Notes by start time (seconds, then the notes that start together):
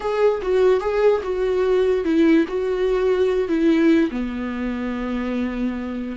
0.00 G#4
0.42 F#4
0.80 G#4
1.23 F#4
2.04 E4
2.48 F#4
3.48 E4
4.10 B3